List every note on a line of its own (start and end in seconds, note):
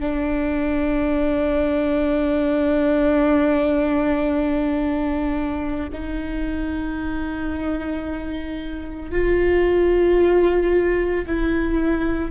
0.00 5.89 D4
5.92 9.11 D#4
9.11 11.25 F4
11.26 12.31 E4